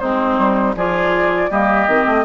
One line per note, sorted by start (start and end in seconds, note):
0.00 0.38 G#3
0.00 0.76 C4
0.00 0.76 D#4
0.00 0.75 C5
0.38 0.75 G3
0.75 1.50 F3
0.75 1.51 F4
0.75 1.51 G#4
0.75 1.52 D5
1.51 1.88 G3
1.51 1.89 A#3
1.51 2.25 G4
1.51 2.25 D#5
1.88 2.07 D#3
1.88 2.25 C4
2.07 2.25 A3